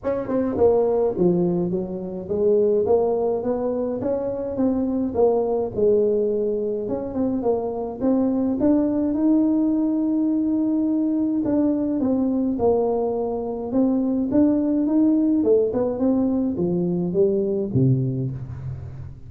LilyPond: \new Staff \with { instrumentName = "tuba" } { \time 4/4 \tempo 4 = 105 cis'8 c'8 ais4 f4 fis4 | gis4 ais4 b4 cis'4 | c'4 ais4 gis2 | cis'8 c'8 ais4 c'4 d'4 |
dis'1 | d'4 c'4 ais2 | c'4 d'4 dis'4 a8 b8 | c'4 f4 g4 c4 | }